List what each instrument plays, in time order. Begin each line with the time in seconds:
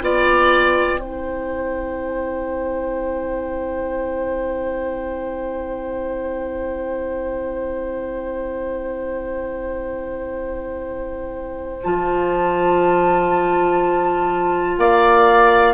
0.00 bassoon B3, clarinet F4, oboe D5, flute G5
0.98 bassoon C4, clarinet E4, oboe C5
11.83 bassoon F3, clarinet F4, flute A5
14.77 bassoon A#3, oboe D5, flute F5